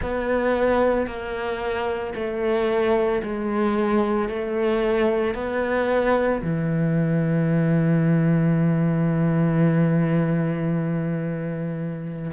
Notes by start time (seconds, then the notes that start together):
0.02 B3
1.06 A#3
2.14 A3
3.22 G#3
4.29 A3
5.34 B3
6.42 E3